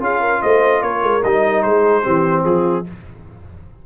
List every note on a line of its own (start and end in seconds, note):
0.00 0.41 C#4
0.00 1.22 F4
0.00 0.20 G#4
0.00 0.42 F5
0.20 0.41 A#4
0.42 0.82 A3
0.42 0.83 C5
0.42 0.82 D#5
0.82 1.02 A#3
0.82 1.66 A#4
0.82 1.23 C#5
1.03 1.23 G#3
1.23 1.64 G3
1.23 2.03 D#4
1.23 1.62 D#5
1.62 2.05 G#3
1.62 2.03 G#4
1.62 2.44 C5
2.03 2.45 E3
2.03 2.84 C4
2.03 2.43 G4
2.45 2.85 F3
2.45 2.86 F4
2.45 2.85 G#4